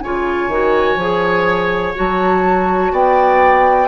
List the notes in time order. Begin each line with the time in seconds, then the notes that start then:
0.00 C#3 F4 C#5 G#5
0.48 D#3 F#4
0.96 F3 G#4
1.95 F#3 F#4 A5
2.92 B3 D5 G5